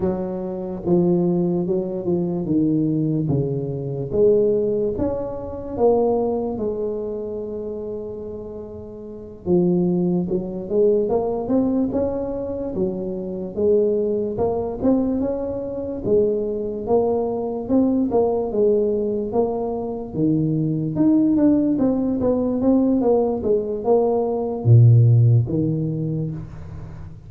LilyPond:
\new Staff \with { instrumentName = "tuba" } { \time 4/4 \tempo 4 = 73 fis4 f4 fis8 f8 dis4 | cis4 gis4 cis'4 ais4 | gis2.~ gis8 f8~ | f8 fis8 gis8 ais8 c'8 cis'4 fis8~ |
fis8 gis4 ais8 c'8 cis'4 gis8~ | gis8 ais4 c'8 ais8 gis4 ais8~ | ais8 dis4 dis'8 d'8 c'8 b8 c'8 | ais8 gis8 ais4 ais,4 dis4 | }